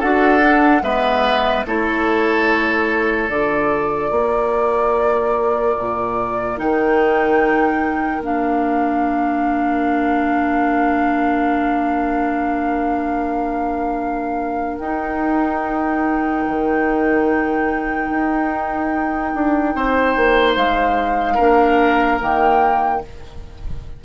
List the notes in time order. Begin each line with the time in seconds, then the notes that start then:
0.00 D4 F#4 A4 F#5
0.40 D4
0.82 G#3 B3 B4 E5
1.67 A3 E4 A4 C#5
3.29 D3 F4 D5
4.11 A#3 A#4
5.79 A#2
6.57 D#3 D#4 G5
8.21 A#3 D4 F5
14.78 D#4 G5
16.47 D#3
18.10 D#4
19.35 D4
19.75 C4 C5
20.16 A#3
20.56 G#3 F5
21.35 A#3 D4 A#4
22.20 D#3 A#3 G5